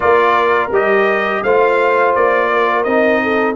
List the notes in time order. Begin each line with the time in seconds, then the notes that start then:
0.00 A#3 F4 A#4 D5
0.71 G3 G4 D#5
1.43 A3 F4 C5 F5
2.15 A#3 D5
2.52 A#4
2.83 C4 D#4 D#5
3.22 A4